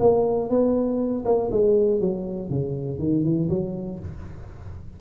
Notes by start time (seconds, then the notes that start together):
0.00 A#3
0.50 B3
1.25 A#3
1.52 G#3
2.01 F#3
2.50 C#3
2.99 D#3
3.24 E3
3.49 F#3